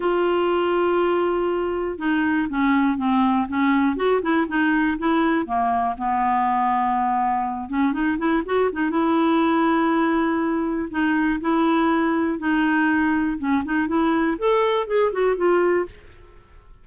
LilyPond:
\new Staff \with { instrumentName = "clarinet" } { \time 4/4 \tempo 4 = 121 f'1 | dis'4 cis'4 c'4 cis'4 | fis'8 e'8 dis'4 e'4 ais4 | b2.~ b8 cis'8 |
dis'8 e'8 fis'8 dis'8 e'2~ | e'2 dis'4 e'4~ | e'4 dis'2 cis'8 dis'8 | e'4 a'4 gis'8 fis'8 f'4 | }